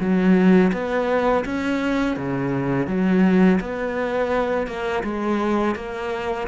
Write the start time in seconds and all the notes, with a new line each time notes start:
0.00 F#3
0.73 B3
1.45 C#4
2.17 C#3
2.88 F#3
3.60 B3
4.67 A#3
5.04 G#3
5.76 A#3